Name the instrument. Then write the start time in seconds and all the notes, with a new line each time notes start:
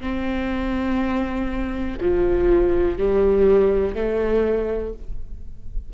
viola
0.00 C4
2.00 F3
2.98 G3
3.95 A3